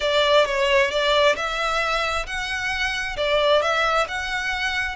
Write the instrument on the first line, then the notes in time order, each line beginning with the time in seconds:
violin
0.00 D5
0.45 C#5
0.90 D5
1.35 E5
2.26 F#5
3.16 D5
3.62 E5
4.08 F#5